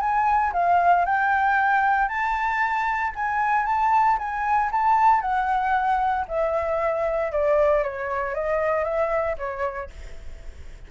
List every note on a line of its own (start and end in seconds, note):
0.00 0.52 G#5
0.53 1.05 F5
1.05 2.08 G5
2.08 3.12 A5
3.15 3.65 G#5
3.65 4.17 A5
4.18 4.70 G#5
4.71 5.21 A5
5.21 6.25 F#5
6.28 7.32 E5
7.32 7.83 D5
7.83 8.34 C#5
8.34 8.84 D#5
8.84 9.36 E5
9.38 9.90 C#5